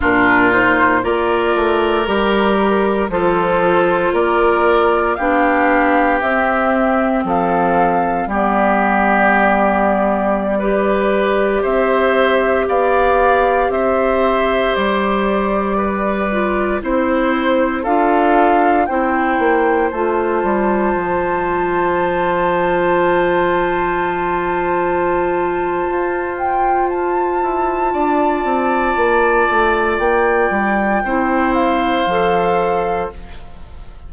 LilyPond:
<<
  \new Staff \with { instrumentName = "flute" } { \time 4/4 \tempo 4 = 58 ais'8 c''8 d''4 ais'4 c''4 | d''4 f''4 e''4 f''4 | d''2.~ d''16 e''8.~ | e''16 f''4 e''4 d''4.~ d''16~ |
d''16 c''4 f''4 g''4 a''8.~ | a''1~ | a''4. g''8 a''2~ | a''4 g''4. f''4. | }
  \new Staff \with { instrumentName = "oboe" } { \time 4/4 f'4 ais'2 a'4 | ais'4 g'2 a'4 | g'2~ g'16 b'4 c''8.~ | c''16 d''4 c''2 b'8.~ |
b'16 c''4 a'4 c''4.~ c''16~ | c''1~ | c''2. d''4~ | d''2 c''2 | }
  \new Staff \with { instrumentName = "clarinet" } { \time 4/4 d'8 dis'8 f'4 g'4 f'4~ | f'4 d'4 c'2 | b2~ b16 g'4.~ g'16~ | g'2.~ g'8. f'16~ |
f'16 e'4 f'4 e'4 f'8.~ | f'1~ | f'1~ | f'2 e'4 a'4 | }
  \new Staff \with { instrumentName = "bassoon" } { \time 4/4 ais,4 ais8 a8 g4 f4 | ais4 b4 c'4 f4 | g2.~ g16 c'8.~ | c'16 b4 c'4 g4.~ g16~ |
g16 c'4 d'4 c'8 ais8 a8 g16~ | g16 f2.~ f8.~ | f4 f'4. e'8 d'8 c'8 | ais8 a8 ais8 g8 c'4 f4 | }
>>